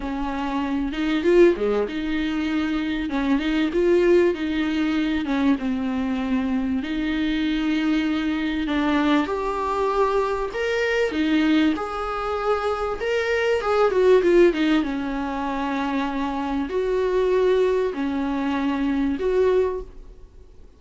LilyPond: \new Staff \with { instrumentName = "viola" } { \time 4/4 \tempo 4 = 97 cis'4. dis'8 f'8 gis8 dis'4~ | dis'4 cis'8 dis'8 f'4 dis'4~ | dis'8 cis'8 c'2 dis'4~ | dis'2 d'4 g'4~ |
g'4 ais'4 dis'4 gis'4~ | gis'4 ais'4 gis'8 fis'8 f'8 dis'8 | cis'2. fis'4~ | fis'4 cis'2 fis'4 | }